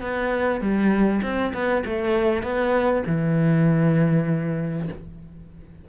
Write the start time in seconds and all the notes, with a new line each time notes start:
0.00 B3
0.60 G3
1.22 C4
1.53 B3
1.85 A3
2.42 B3
3.06 E3